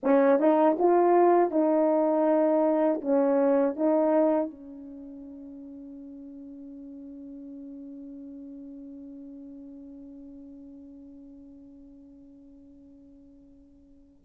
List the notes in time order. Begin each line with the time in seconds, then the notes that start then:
0.03 C#4
0.39 D#4
0.78 F4
1.50 D#4
3.01 C#4
3.75 D#4
4.50 C#4